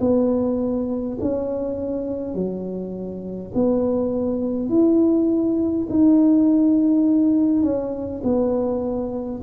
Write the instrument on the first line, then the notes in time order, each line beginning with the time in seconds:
tuba
0.00 B3
1.21 C#4
2.34 F#3
3.54 B3
4.69 E4
5.89 D#4
7.63 C#4
8.24 B3